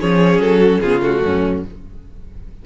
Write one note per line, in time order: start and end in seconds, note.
0.00 0.39 F3
0.00 0.83 C#4
0.00 0.59 G#4
0.00 0.41 C#5
0.39 0.80 F#3
0.39 0.81 A4
0.59 0.80 F#4
0.81 1.22 C#3
0.81 1.01 B3
0.81 1.23 F4
0.81 1.02 G#4
1.01 1.62 A3
1.01 1.65 F#4
1.25 1.66 F#2
1.25 1.66 C#4